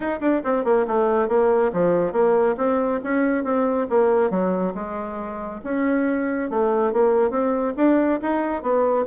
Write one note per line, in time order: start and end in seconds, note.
0.00 0.19 D#4
0.20 0.41 D4
0.44 0.64 C4
0.64 0.86 A#3
0.87 1.28 A3
1.28 1.71 A#3
1.72 2.12 F3
2.12 2.55 A#3
2.57 3.00 C4
3.03 3.43 C#4
3.43 3.87 C4
3.89 4.30 A#3
4.30 4.73 F#3
4.74 5.61 G#3
5.64 6.50 C#4
6.50 6.92 A3
6.92 7.30 A#3
7.30 7.73 C4
7.76 8.20 D4
8.22 8.62 D#4
8.62 9.05 B3